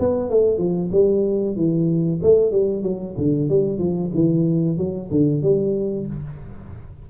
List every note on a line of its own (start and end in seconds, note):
0.00 0.30 B3
0.30 0.58 A3
0.58 0.90 F3
0.92 1.56 G3
1.56 2.21 E3
2.23 2.52 A3
2.52 2.83 G3
2.83 3.15 F#3
3.18 3.50 D3
3.50 3.79 G3
3.79 4.11 F3
4.15 4.77 E3
4.77 5.10 F#3
5.11 5.43 D3
5.43 6.07 G3